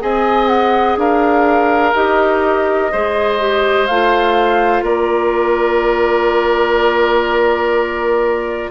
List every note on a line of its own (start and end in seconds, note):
0.00 0.97 C4
0.00 1.94 G#4
0.00 0.99 D#5
0.00 0.48 G#5
0.48 0.96 F#5
0.97 1.93 D4
0.97 2.92 A#4
0.97 1.95 F5
1.95 2.92 D#4
1.95 2.92 G4
1.95 3.87 D#5
2.92 3.89 G#3
2.92 3.40 G#4
2.92 4.83 C5
3.40 3.88 G4
3.87 4.82 A3
3.87 8.72 F4
3.87 4.84 F5
4.82 8.69 A#3
4.82 8.71 A#4
4.82 8.72 D5